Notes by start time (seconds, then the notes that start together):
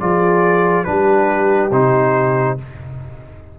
0.00 F3 F4 G#4 D5
0.84 G3 D4 G4 B4
1.71 C3 D#4 C5